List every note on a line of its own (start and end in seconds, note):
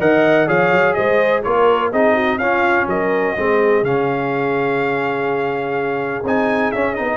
0.00 0.48 D#3
0.00 0.47 A#4
0.00 0.47 D#5
0.00 0.48 F#5
0.47 0.71 F3
0.47 1.43 G#4
0.47 0.95 C#5
0.47 0.94 F5
0.71 0.95 F#3
0.94 1.46 G#3
0.94 1.44 C5
0.94 1.42 D#5
1.43 1.93 A#3
1.43 1.93 F4
1.43 1.92 A#4
1.43 1.91 C#5
1.92 2.38 C4
1.92 2.41 D#4
1.92 2.14 G#4
1.92 2.39 D#5
2.14 2.38 F#4
2.38 2.86 C#4
2.38 3.37 C#4
2.38 2.88 F4
2.38 2.87 F5
2.87 3.35 F#3
2.87 3.37 A#4
2.87 3.85 D#5
3.37 3.83 G#3
3.37 3.84 C4
3.37 7.17 G#4
3.83 6.23 C#3
3.83 6.24 C#4
3.83 6.25 F5
6.24 6.72 C4
6.24 6.74 D#4
6.24 6.72 G#5
6.72 6.96 C#4
6.72 6.99 C#4
6.72 6.95 E5
6.95 7.17 B3
6.95 7.17 D#4
6.95 7.17 D#5